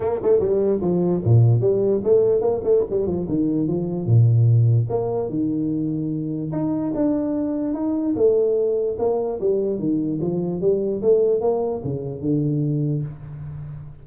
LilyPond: \new Staff \with { instrumentName = "tuba" } { \time 4/4 \tempo 4 = 147 ais8 a8 g4 f4 ais,4 | g4 a4 ais8 a8 g8 f8 | dis4 f4 ais,2 | ais4 dis2. |
dis'4 d'2 dis'4 | a2 ais4 g4 | dis4 f4 g4 a4 | ais4 cis4 d2 | }